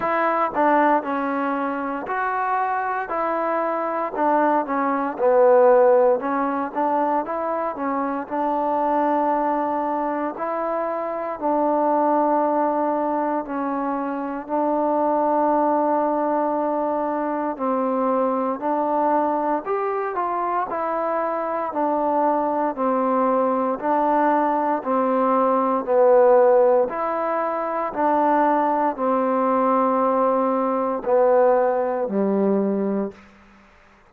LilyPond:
\new Staff \with { instrumentName = "trombone" } { \time 4/4 \tempo 4 = 58 e'8 d'8 cis'4 fis'4 e'4 | d'8 cis'8 b4 cis'8 d'8 e'8 cis'8 | d'2 e'4 d'4~ | d'4 cis'4 d'2~ |
d'4 c'4 d'4 g'8 f'8 | e'4 d'4 c'4 d'4 | c'4 b4 e'4 d'4 | c'2 b4 g4 | }